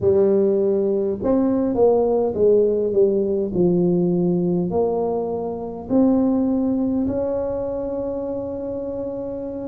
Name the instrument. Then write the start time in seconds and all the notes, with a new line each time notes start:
tuba
0.01 G3
1.22 C4
1.74 A#3
2.34 G#3
2.93 G3
3.53 F3
4.70 A#3
5.89 C4
7.06 C#4